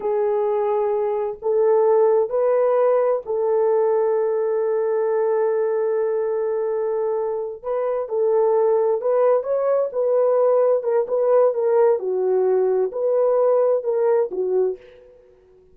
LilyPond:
\new Staff \with { instrumentName = "horn" } { \time 4/4 \tempo 4 = 130 gis'2. a'4~ | a'4 b'2 a'4~ | a'1~ | a'1~ |
a'8 b'4 a'2 b'8~ | b'8 cis''4 b'2 ais'8 | b'4 ais'4 fis'2 | b'2 ais'4 fis'4 | }